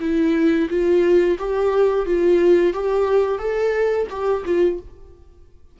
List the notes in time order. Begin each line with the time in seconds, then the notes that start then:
0.00 E4
0.69 F4
1.38 G4
2.05 F4
2.73 G4
3.38 A4
4.09 G4
4.45 F4